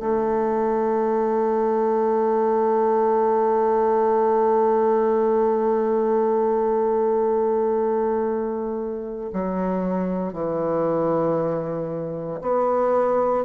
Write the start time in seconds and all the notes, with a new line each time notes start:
0.00 A3
9.33 F#3
10.34 E3
12.41 B3